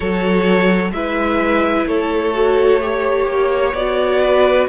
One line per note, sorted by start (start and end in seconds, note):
0.00 0.91 F#3
0.00 0.90 F#4
0.00 0.92 A4
0.00 0.91 C#5
0.91 1.85 G#3
0.91 2.33 E4
0.91 1.88 B4
0.91 1.86 E5
1.86 3.26 A3
1.86 2.81 A4
1.86 3.74 C#5
2.33 2.80 F#4
2.80 3.74 G4
2.80 4.21 C#5
3.26 3.73 A#3
3.73 4.67 B3
3.73 4.68 F#4
3.73 4.67 D5
4.21 4.68 B4